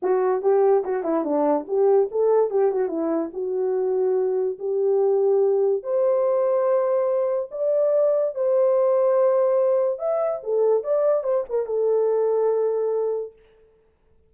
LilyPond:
\new Staff \with { instrumentName = "horn" } { \time 4/4 \tempo 4 = 144 fis'4 g'4 fis'8 e'8 d'4 | g'4 a'4 g'8 fis'8 e'4 | fis'2. g'4~ | g'2 c''2~ |
c''2 d''2 | c''1 | e''4 a'4 d''4 c''8 ais'8 | a'1 | }